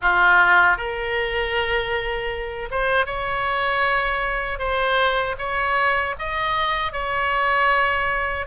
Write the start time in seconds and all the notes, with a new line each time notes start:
0.01 F4
0.77 A#4
2.71 C5
3.06 C#5
4.58 C5
5.38 C#5
6.19 D#5
6.92 C#5